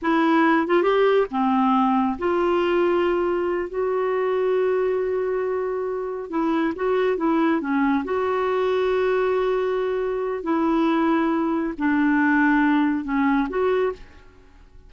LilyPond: \new Staff \with { instrumentName = "clarinet" } { \time 4/4 \tempo 4 = 138 e'4. f'8 g'4 c'4~ | c'4 f'2.~ | f'8 fis'2.~ fis'8~ | fis'2~ fis'8 e'4 fis'8~ |
fis'8 e'4 cis'4 fis'4.~ | fis'1 | e'2. d'4~ | d'2 cis'4 fis'4 | }